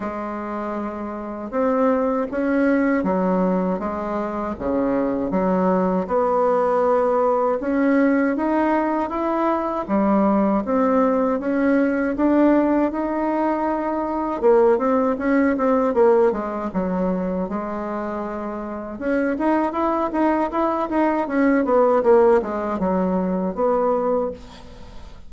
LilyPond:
\new Staff \with { instrumentName = "bassoon" } { \time 4/4 \tempo 4 = 79 gis2 c'4 cis'4 | fis4 gis4 cis4 fis4 | b2 cis'4 dis'4 | e'4 g4 c'4 cis'4 |
d'4 dis'2 ais8 c'8 | cis'8 c'8 ais8 gis8 fis4 gis4~ | gis4 cis'8 dis'8 e'8 dis'8 e'8 dis'8 | cis'8 b8 ais8 gis8 fis4 b4 | }